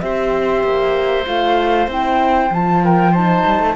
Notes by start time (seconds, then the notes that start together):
0.00 C4 G4 C5 E5
0.63 A#3
1.26 A3 F4 F5
1.87 C4 E4 G5
2.50 F3 F4 A5
2.84 A#4 G5
3.11 D#4 C5 A5
3.45 G3
3.59 A3